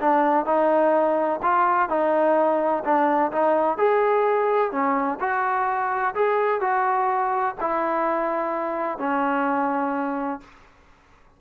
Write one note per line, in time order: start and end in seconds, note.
0.00 0.46 D4
0.46 1.40 D#4
1.43 1.89 F4
1.89 2.83 D#4
2.84 3.32 D4
3.32 3.78 D#4
3.78 4.72 G#4
4.72 5.19 C#4
5.20 6.15 F#4
6.15 6.61 G#4
6.61 7.55 F#4
7.60 8.98 E4
8.98 10.40 C#4